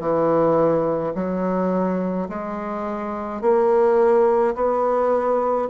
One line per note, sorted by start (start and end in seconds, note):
0.00 1.13 E3
1.15 2.28 F#3
2.30 3.42 G#3
3.42 4.55 A#3
4.55 5.69 B3